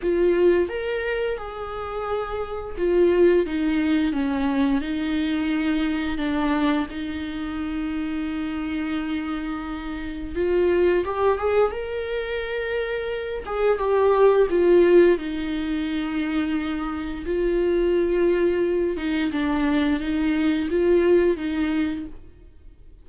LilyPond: \new Staff \with { instrumentName = "viola" } { \time 4/4 \tempo 4 = 87 f'4 ais'4 gis'2 | f'4 dis'4 cis'4 dis'4~ | dis'4 d'4 dis'2~ | dis'2. f'4 |
g'8 gis'8 ais'2~ ais'8 gis'8 | g'4 f'4 dis'2~ | dis'4 f'2~ f'8 dis'8 | d'4 dis'4 f'4 dis'4 | }